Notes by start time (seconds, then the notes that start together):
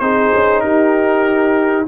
0.00 C4 D#4 G#4 C5
0.34 C#4
0.61 D#4 G4 A#4